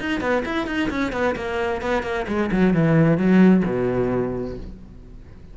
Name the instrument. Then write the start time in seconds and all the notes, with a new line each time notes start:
cello
0.00 D#4
0.21 B3
0.45 E4
0.67 D#4
0.90 C#4
1.13 B3
1.36 A#3
1.82 B3
2.03 A#3
2.28 G#3
2.51 F#3
2.74 E3
3.17 F#3
3.66 B2